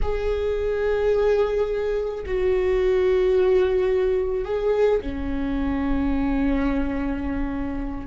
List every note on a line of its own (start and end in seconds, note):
0.02 2.24 G#4
2.26 4.44 F#4
4.44 5.00 G#4
5.01 8.06 C#4